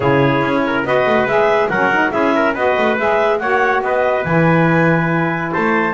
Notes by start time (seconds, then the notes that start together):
0.00 C#3 E4 G#4 C#5
0.41 C#4
0.66 A#4
0.84 B3 F#4 B4 D#5
1.05 A3
1.25 G#3 G#4 E5
1.68 F#3 C#4 A#4 F#5
1.93 D#4
2.11 C#4 E4 G#4 E5
2.35 A#4
2.54 B3 F#4 B4 D#5
2.78 A3
2.98 G#3 G#4 E5
3.39 A#3 F#4 C#5 F#5
3.81 B3 B4 D#5
4.23 E3 E4 G#5
5.52 A3 C5 A5